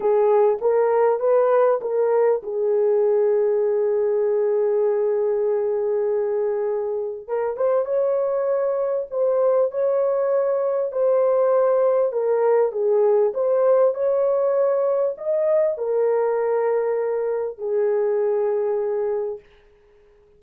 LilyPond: \new Staff \with { instrumentName = "horn" } { \time 4/4 \tempo 4 = 99 gis'4 ais'4 b'4 ais'4 | gis'1~ | gis'1 | ais'8 c''8 cis''2 c''4 |
cis''2 c''2 | ais'4 gis'4 c''4 cis''4~ | cis''4 dis''4 ais'2~ | ais'4 gis'2. | }